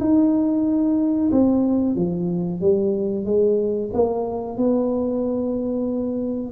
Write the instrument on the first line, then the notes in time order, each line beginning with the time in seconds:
tuba
0.00 D#4
1.32 C4
1.95 F3
2.61 G3
3.25 G#3
3.93 A#3
4.57 B3